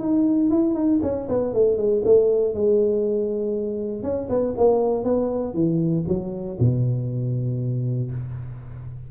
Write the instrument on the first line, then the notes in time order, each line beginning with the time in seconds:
tuba
0.00 D#4
0.50 E4
0.74 D#4
1.03 C#4
1.29 B3
1.54 A3
1.77 G#3
2.05 A3
2.54 G#3
4.03 C#4
4.29 B3
4.57 A#3
5.04 B3
5.54 E3
6.08 F#3
6.59 B2